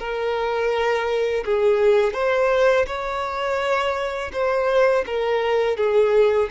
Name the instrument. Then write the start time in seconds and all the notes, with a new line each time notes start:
violin
0.00 A#4
1.45 G#4
2.14 C5
2.87 C#5
4.33 C5
5.07 A#4
5.78 G#4